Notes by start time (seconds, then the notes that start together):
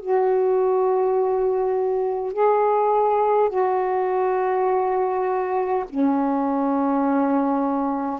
0.00 F#4
2.33 G#4
3.49 F#4
5.89 C#4